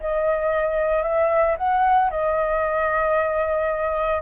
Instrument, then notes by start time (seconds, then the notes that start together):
flute
0.00 D#5
1.03 E5
1.57 F#5
2.11 D#5